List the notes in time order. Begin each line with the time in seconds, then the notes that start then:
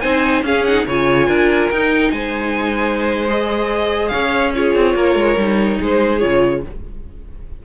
0.00 C4 D#4 C5 G#5
0.42 C#4 G#4 F5
0.65 D#4 F#5
0.86 C#3 F4 C#5 G#5
1.28 D4 A#4
1.70 D#4 G5
2.11 G#3 C5 G#5
3.27 G#4 D#5
4.08 C#4 C#5 F5
4.55 F4 G#4 C#5
4.75 C4
4.95 A#3 A#4
5.15 G#3
5.37 G3 D#4
5.79 G#3 G#4 C5
6.19 C#3 F4 C#5